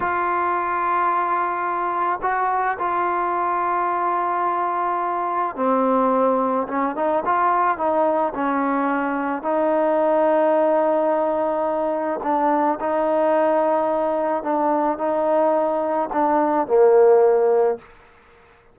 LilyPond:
\new Staff \with { instrumentName = "trombone" } { \time 4/4 \tempo 4 = 108 f'1 | fis'4 f'2.~ | f'2 c'2 | cis'8 dis'8 f'4 dis'4 cis'4~ |
cis'4 dis'2.~ | dis'2 d'4 dis'4~ | dis'2 d'4 dis'4~ | dis'4 d'4 ais2 | }